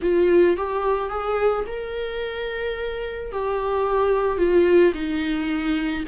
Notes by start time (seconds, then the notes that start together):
0.02 F4
0.57 G4
1.09 G#4
1.66 A#4
3.32 G4
4.37 F4
4.94 D#4